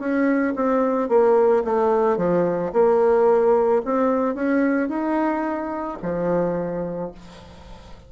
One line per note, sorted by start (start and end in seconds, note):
0.00 0.55 C#4
0.56 1.09 C4
1.09 1.64 A#3
1.65 2.18 A3
2.18 2.72 F3
2.73 3.82 A#3
3.85 4.35 C4
4.35 4.89 C#4
4.89 5.98 D#4
6.03 7.12 F3